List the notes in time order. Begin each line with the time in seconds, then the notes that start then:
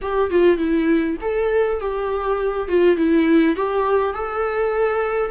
0.01 G4
0.30 F4
0.57 E4
1.21 A4
1.80 G4
2.68 F4
2.96 E4
3.55 G4
4.13 A4